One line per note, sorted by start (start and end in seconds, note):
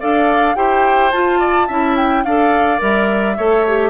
0.00 0.56 D4
0.00 0.55 A4
0.00 0.56 D5
0.00 0.55 F5
0.55 1.12 E4
0.55 1.11 G4
0.55 1.39 C5
0.55 1.11 G5
1.12 1.69 F4
1.12 1.96 A5
1.39 1.67 D5
1.67 2.25 C#4
1.67 2.25 E4
1.67 2.23 E5
1.96 2.24 G5
2.24 2.81 D4
2.24 2.78 A4
2.24 3.37 D5
2.24 2.80 F5
2.78 3.38 G3
2.78 3.34 A#4
2.78 3.90 E5
3.37 3.90 A3
3.37 3.66 A4
3.37 3.90 C#5
3.68 3.90 G4